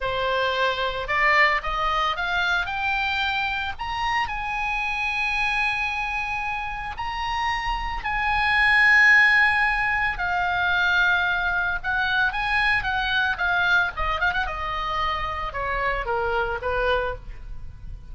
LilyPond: \new Staff \with { instrumentName = "oboe" } { \time 4/4 \tempo 4 = 112 c''2 d''4 dis''4 | f''4 g''2 ais''4 | gis''1~ | gis''4 ais''2 gis''4~ |
gis''2. f''4~ | f''2 fis''4 gis''4 | fis''4 f''4 dis''8 f''16 fis''16 dis''4~ | dis''4 cis''4 ais'4 b'4 | }